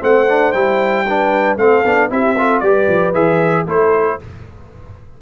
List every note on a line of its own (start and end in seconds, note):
0.00 0.54 A3
0.00 0.26 C4
0.00 1.06 C5
0.00 0.52 F#5
0.29 0.53 D4
0.52 1.57 G3
0.52 1.05 E4
0.52 1.56 G5
1.07 1.58 D4
1.07 1.59 B4
1.57 1.83 A3
1.57 1.84 C4
1.57 2.11 A4
1.57 2.10 F5
1.85 2.10 B3
1.85 2.10 D4
2.10 2.62 C4
2.10 2.36 E4
2.10 2.38 G4
2.10 2.60 E5
2.38 2.64 F4
2.38 2.64 A4
2.60 2.88 G3
2.60 3.14 G4
2.60 3.66 B4
2.60 3.12 D5
2.88 3.14 F3
3.14 3.66 E3
3.14 3.66 G#4
3.14 3.66 E5
3.66 4.18 A3
3.66 4.19 E4
3.66 4.18 A4
3.66 4.21 C5